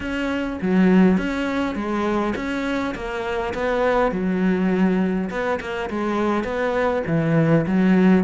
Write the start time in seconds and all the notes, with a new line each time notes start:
0.00 C#4
0.61 F#3
1.17 C#4
1.75 G#3
2.35 C#4
2.94 A#3
3.53 B3
4.11 F#3
5.30 B3
5.60 A#3
5.90 G#3
6.44 B3
7.06 E3
7.66 F#3